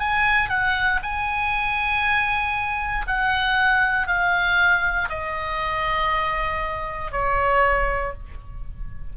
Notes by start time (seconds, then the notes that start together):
0.00 G#5
0.49 F#5
1.03 G#5
3.07 F#5
4.08 F5
5.10 D#5
7.12 C#5